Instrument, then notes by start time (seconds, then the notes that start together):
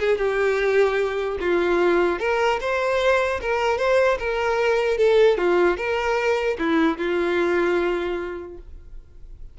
violin
0.00 G#4
0.18 G4
1.40 F4
2.20 A#4
2.61 C5
3.42 A#4
3.78 C5
4.19 A#4
4.98 A4
5.38 F4
5.78 A#4
6.59 E4
6.98 F4